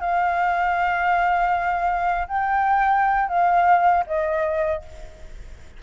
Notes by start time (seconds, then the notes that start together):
0.00 F5
2.27 G5
3.28 F5
4.06 D#5